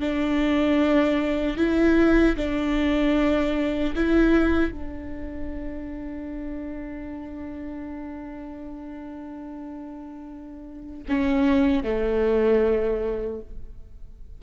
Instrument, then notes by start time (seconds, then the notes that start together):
viola
0.00 D4
1.57 E4
2.36 D4
3.95 E4
4.72 D4
11.08 C#4
11.83 A3